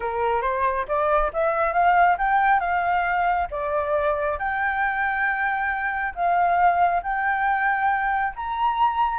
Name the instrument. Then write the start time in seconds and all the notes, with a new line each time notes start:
flute
0.00 A#4
0.41 C5
0.88 D5
1.33 E5
1.73 F5
2.18 G5
2.60 F5
3.51 D5
4.39 G5
6.14 F5
7.02 G5
8.35 A#5